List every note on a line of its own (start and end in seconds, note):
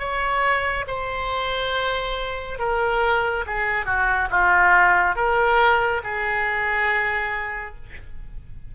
0.00 0.86 C#5
0.88 2.59 C5
2.59 3.45 A#4
3.47 3.86 G#4
3.86 4.29 F#4
4.31 5.16 F4
5.16 6.02 A#4
6.04 7.76 G#4